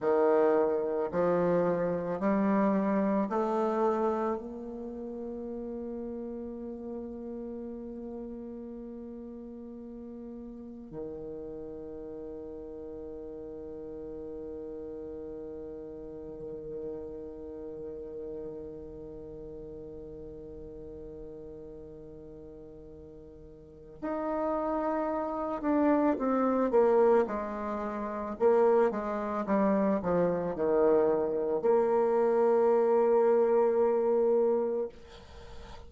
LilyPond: \new Staff \with { instrumentName = "bassoon" } { \time 4/4 \tempo 4 = 55 dis4 f4 g4 a4 | ais1~ | ais2 dis2~ | dis1~ |
dis1~ | dis2 dis'4. d'8 | c'8 ais8 gis4 ais8 gis8 g8 f8 | dis4 ais2. | }